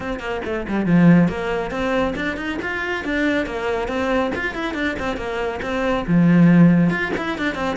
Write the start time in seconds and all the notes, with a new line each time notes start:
0.00 C4
0.19 A#3
0.45 A3
0.68 G3
0.86 F3
1.28 A#3
1.71 C4
2.15 D4
2.36 D#4
2.62 F4
3.04 D4
3.46 A#3
3.88 C4
4.35 F4
4.54 E4
4.74 D4
4.99 C4
5.16 A#3
5.62 C4
6.07 F3
6.90 F4
7.17 E4
7.38 D4
7.54 C4